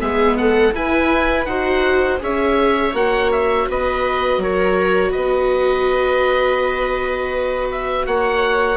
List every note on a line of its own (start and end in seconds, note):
0.00 0.73 G#3
0.00 0.73 B3
0.00 0.37 G#4
0.00 0.37 E5
0.37 0.75 A4
0.37 0.73 F#5
0.73 1.46 E4
0.73 1.47 E4
0.73 1.48 B4
0.73 1.45 G#5
1.45 2.19 D#4
1.45 2.19 F#4
1.45 2.21 C5
1.45 2.18 F#5
2.19 2.93 C#4
2.19 2.92 G#4
2.19 3.68 C#5
2.19 2.95 E5
2.93 3.66 A#3
2.93 8.77 F#4
2.93 3.31 F#5
3.32 3.68 E5
3.68 4.38 B3
3.68 4.41 B4
3.68 4.42 D#5
4.38 5.11 F#3
4.38 5.11 A#4
4.38 5.11 C#5
5.11 8.06 B3
5.11 8.03 B4
5.11 7.68 D#5
7.71 8.06 E5
8.06 8.77 A#3
8.06 8.77 C#5
8.06 8.77 F#5